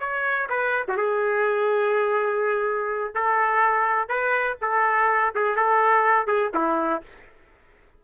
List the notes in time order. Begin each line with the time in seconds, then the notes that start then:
0.00 C#5
0.49 B4
0.88 F#4
0.97 G#4
3.15 A4
4.09 B4
4.61 A4
5.35 G#4
5.56 A4
6.27 G#4
6.54 E4